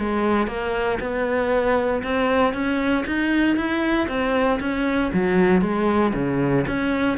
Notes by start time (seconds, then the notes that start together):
0.00 G#3
0.48 A#3
1.00 B3
2.03 C4
2.54 C#4
3.07 D#4
3.57 E4
4.09 C4
4.61 C#4
5.14 F#3
5.62 G#3
6.15 C#3
6.68 C#4